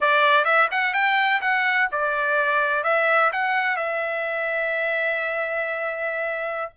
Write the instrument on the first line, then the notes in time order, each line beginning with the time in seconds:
trumpet
0.00 D5
0.44 E5
0.71 F#5
0.93 G5
1.41 F#5
1.91 D5
2.83 E5
3.32 F#5
3.76 E5